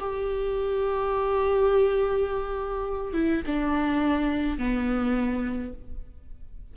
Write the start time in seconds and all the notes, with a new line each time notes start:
0.00 G4
3.14 E4
3.47 D4
4.58 B3